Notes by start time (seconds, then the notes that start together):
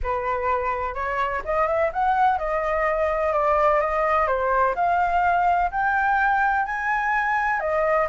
0.02 B4
0.94 C#5
1.45 D#5
1.67 E5
1.92 F#5
2.38 D#5
3.32 D5
3.80 D#5
4.27 C5
4.75 F5
5.71 G5
6.65 G#5
7.60 D#5